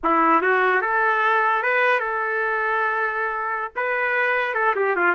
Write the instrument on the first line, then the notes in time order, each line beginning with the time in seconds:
trumpet
0.03 E4
0.42 F#4
0.81 A4
1.62 B4
1.99 A4
3.76 B4
4.54 A4
4.75 G4
4.96 F4